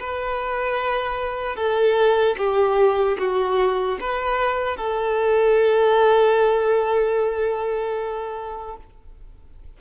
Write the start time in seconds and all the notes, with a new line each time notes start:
0.00 B4
1.56 A4
2.38 G4
3.19 F#4
4.00 B4
4.77 A4